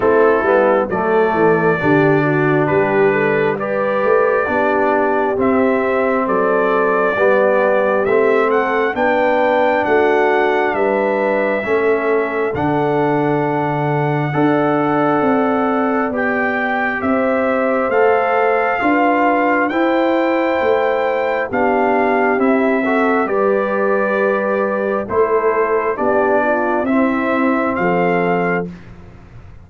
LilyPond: <<
  \new Staff \with { instrumentName = "trumpet" } { \time 4/4 \tempo 4 = 67 a'4 d''2 b'4 | d''2 e''4 d''4~ | d''4 e''8 fis''8 g''4 fis''4 | e''2 fis''2~ |
fis''2 g''4 e''4 | f''2 g''2 | f''4 e''4 d''2 | c''4 d''4 e''4 f''4 | }
  \new Staff \with { instrumentName = "horn" } { \time 4/4 e'4 a'4 g'8 fis'8 g'8 a'8 | b'4 g'2 a'4 | g'4. a'8 b'4 fis'4 | b'4 a'2. |
d''2. c''4~ | c''4 b'4 c''2 | g'4. a'8 b'2 | a'4 g'8 f'8 e'4 a'4 | }
  \new Staff \with { instrumentName = "trombone" } { \time 4/4 c'8 b8 a4 d'2 | g'4 d'4 c'2 | b4 c'4 d'2~ | d'4 cis'4 d'2 |
a'2 g'2 | a'4 f'4 e'2 | d'4 e'8 fis'8 g'2 | e'4 d'4 c'2 | }
  \new Staff \with { instrumentName = "tuba" } { \time 4/4 a8 g8 fis8 e8 d4 g4~ | g8 a8 b4 c'4 fis4 | g4 a4 b4 a4 | g4 a4 d2 |
d'4 c'4 b4 c'4 | a4 d'4 e'4 a4 | b4 c'4 g2 | a4 b4 c'4 f4 | }
>>